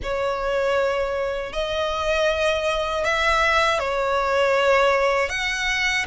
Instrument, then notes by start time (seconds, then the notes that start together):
violin
0.02 C#5
1.53 D#5
3.04 E5
3.79 C#5
5.29 F#5